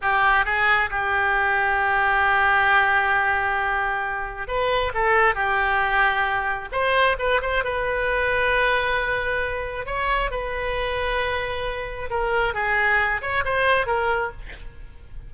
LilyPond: \new Staff \with { instrumentName = "oboe" } { \time 4/4 \tempo 4 = 134 g'4 gis'4 g'2~ | g'1~ | g'2 b'4 a'4 | g'2. c''4 |
b'8 c''8 b'2.~ | b'2 cis''4 b'4~ | b'2. ais'4 | gis'4. cis''8 c''4 ais'4 | }